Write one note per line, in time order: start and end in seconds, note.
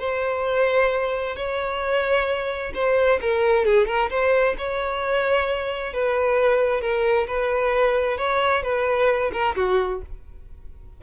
0.00 1.36 C5
1.36 2.73 C#5
2.75 3.20 C5
3.21 3.65 A#4
3.65 3.87 G#4
3.87 4.10 A#4
4.10 4.56 C5
4.58 5.93 C#5
5.93 6.81 B4
6.81 7.27 A#4
7.28 8.18 B4
8.18 8.63 C#5
8.63 9.31 B4
9.33 9.56 A#4
9.56 10.01 F#4